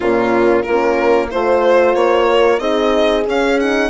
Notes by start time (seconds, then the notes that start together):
0.00 A#2 A#3 C#4 F4
0.62 A#3 F4 A#4
0.69 C#4
1.29 A3 F4 C5
1.95 A#3 C#5
2.28 A#4
2.59 C4 D#4 G#4 D#5
3.27 C#4 F5
3.59 D#4 F#5